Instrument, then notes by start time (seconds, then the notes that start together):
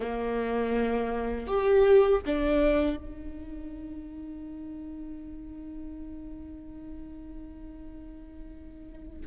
viola
0.00 A#3
1.46 G4
2.26 D4
2.96 D#4